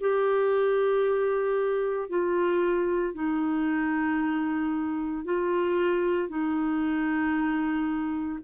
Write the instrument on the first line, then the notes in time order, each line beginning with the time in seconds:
clarinet
0.00 G4
2.09 F4
3.14 D#4
5.24 F4
6.28 D#4